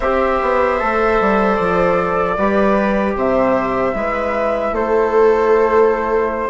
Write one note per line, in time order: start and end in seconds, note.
0.00 0.39 C4
0.00 0.79 G4
0.00 2.34 C5
0.00 1.55 E5
0.42 0.81 B3
0.79 1.20 A3
0.79 2.37 A4
1.20 1.59 G3
1.55 2.37 F3
1.55 3.13 D5
2.37 3.15 G3
2.37 3.92 G4
2.37 3.16 B4
3.15 3.94 C3
3.15 3.95 C5
3.15 4.75 E5
3.92 4.72 G#3
3.92 6.49 E4
3.92 4.74 B4
4.72 6.49 A3
4.72 6.49 A4
4.72 6.49 C5